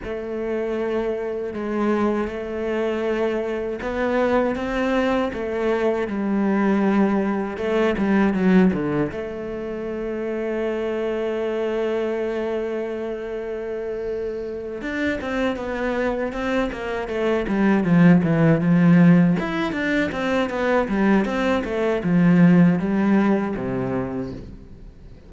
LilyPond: \new Staff \with { instrumentName = "cello" } { \time 4/4 \tempo 4 = 79 a2 gis4 a4~ | a4 b4 c'4 a4 | g2 a8 g8 fis8 d8 | a1~ |
a2.~ a8 d'8 | c'8 b4 c'8 ais8 a8 g8 f8 | e8 f4 e'8 d'8 c'8 b8 g8 | c'8 a8 f4 g4 c4 | }